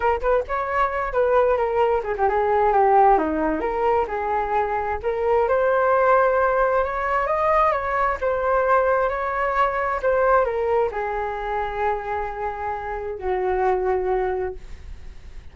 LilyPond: \new Staff \with { instrumentName = "flute" } { \time 4/4 \tempo 4 = 132 ais'8 b'8 cis''4. b'4 ais'8~ | ais'8 gis'16 g'16 gis'4 g'4 dis'4 | ais'4 gis'2 ais'4 | c''2. cis''4 |
dis''4 cis''4 c''2 | cis''2 c''4 ais'4 | gis'1~ | gis'4 fis'2. | }